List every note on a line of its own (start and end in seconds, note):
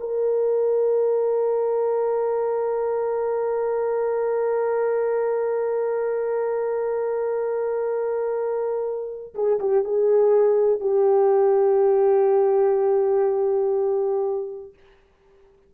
0.00 9.34 A#4
9.35 9.59 G#4
9.60 9.85 G4
9.85 10.81 G#4
10.81 14.74 G4